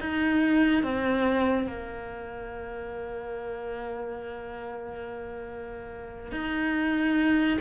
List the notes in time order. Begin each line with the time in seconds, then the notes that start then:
0.00 D#4
0.83 C4
1.67 A#3
6.31 D#4